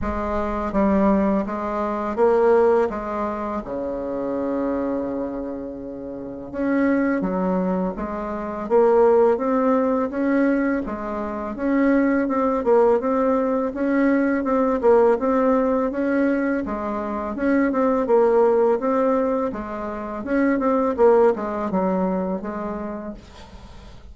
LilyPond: \new Staff \with { instrumentName = "bassoon" } { \time 4/4 \tempo 4 = 83 gis4 g4 gis4 ais4 | gis4 cis2.~ | cis4 cis'4 fis4 gis4 | ais4 c'4 cis'4 gis4 |
cis'4 c'8 ais8 c'4 cis'4 | c'8 ais8 c'4 cis'4 gis4 | cis'8 c'8 ais4 c'4 gis4 | cis'8 c'8 ais8 gis8 fis4 gis4 | }